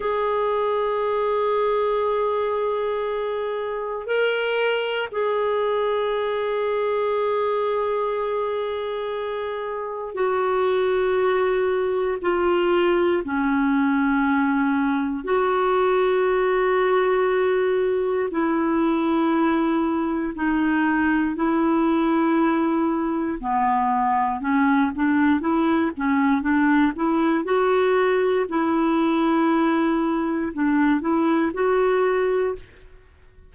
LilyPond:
\new Staff \with { instrumentName = "clarinet" } { \time 4/4 \tempo 4 = 59 gis'1 | ais'4 gis'2.~ | gis'2 fis'2 | f'4 cis'2 fis'4~ |
fis'2 e'2 | dis'4 e'2 b4 | cis'8 d'8 e'8 cis'8 d'8 e'8 fis'4 | e'2 d'8 e'8 fis'4 | }